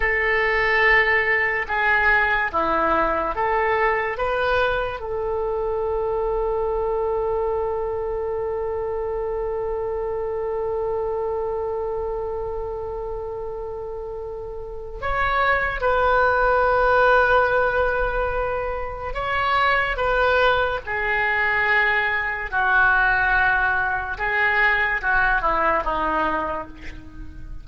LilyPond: \new Staff \with { instrumentName = "oboe" } { \time 4/4 \tempo 4 = 72 a'2 gis'4 e'4 | a'4 b'4 a'2~ | a'1~ | a'1~ |
a'2 cis''4 b'4~ | b'2. cis''4 | b'4 gis'2 fis'4~ | fis'4 gis'4 fis'8 e'8 dis'4 | }